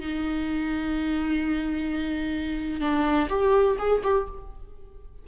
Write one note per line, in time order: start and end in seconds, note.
0.00 2.81 D#4
2.81 3.28 D4
3.30 3.77 G4
3.79 4.02 G#4
4.04 4.27 G4